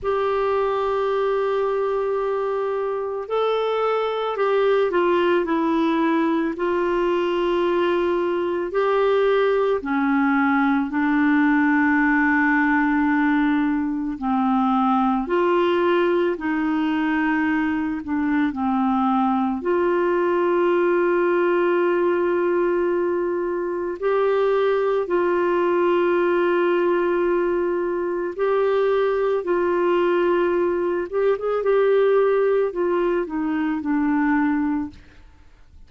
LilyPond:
\new Staff \with { instrumentName = "clarinet" } { \time 4/4 \tempo 4 = 55 g'2. a'4 | g'8 f'8 e'4 f'2 | g'4 cis'4 d'2~ | d'4 c'4 f'4 dis'4~ |
dis'8 d'8 c'4 f'2~ | f'2 g'4 f'4~ | f'2 g'4 f'4~ | f'8 g'16 gis'16 g'4 f'8 dis'8 d'4 | }